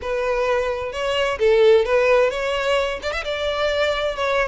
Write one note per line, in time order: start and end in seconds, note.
0.01 0.92 B4
0.92 1.38 C#5
1.38 1.85 A4
1.85 2.30 B4
2.30 2.99 C#5
3.02 3.12 D5
3.12 3.23 E5
3.24 4.16 D5
4.16 4.48 C#5